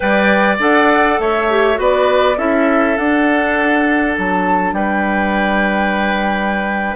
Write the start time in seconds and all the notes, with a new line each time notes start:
0.00 G3 B4 D5 G5
0.59 D4 A4 F#5
1.19 A3 C#5 E5
1.49 G4
1.75 B3 F#4 B4
1.81 D5
2.37 C#4 E4 A4 E5
2.97 D4 F#5
4.17 F#3 A5
4.72 G3 B4 G5